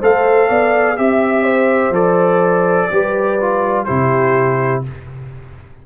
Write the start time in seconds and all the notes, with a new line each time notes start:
0.00 A3 A4 C5 F5
0.48 B3 D5
0.96 C4 G4 E5
1.43 C5
1.90 F3 A4 D5
2.91 G3 G4 B4
3.41 F4
3.85 C3 E4 G4 C5